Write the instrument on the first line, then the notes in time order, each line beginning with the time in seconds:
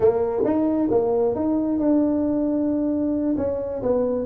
tuba
0.00 A#3
0.44 D#4
0.91 A#3
1.35 D#4
1.79 D4
3.37 C#4
3.82 B3